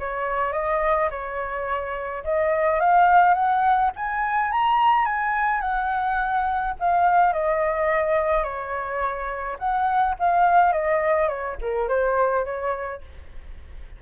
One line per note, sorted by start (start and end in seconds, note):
0.00 0.53 C#5
0.53 1.09 D#5
1.11 2.24 C#5
2.25 2.80 D#5
2.80 3.34 F5
3.34 3.91 F#5
3.96 4.52 G#5
4.52 5.06 A#5
5.06 5.61 G#5
5.61 6.74 F#5
6.80 7.33 F5
7.33 8.44 D#5
8.44 9.57 C#5
9.59 10.16 F#5
10.20 10.73 F5
10.73 11.28 D#5
11.28 11.57 C#5
11.61 11.89 A#4
11.89 12.45 C5
12.45 13.02 C#5